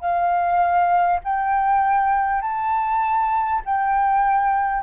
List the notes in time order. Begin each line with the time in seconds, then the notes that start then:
0.00 F5
1.24 G5
2.41 A5
3.65 G5